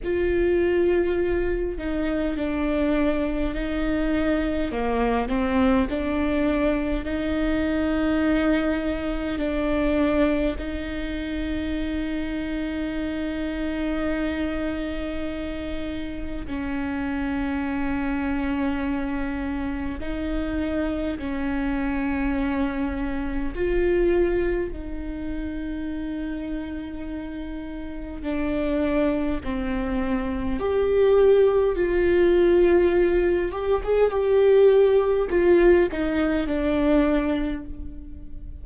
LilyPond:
\new Staff \with { instrumentName = "viola" } { \time 4/4 \tempo 4 = 51 f'4. dis'8 d'4 dis'4 | ais8 c'8 d'4 dis'2 | d'4 dis'2.~ | dis'2 cis'2~ |
cis'4 dis'4 cis'2 | f'4 dis'2. | d'4 c'4 g'4 f'4~ | f'8 g'16 gis'16 g'4 f'8 dis'8 d'4 | }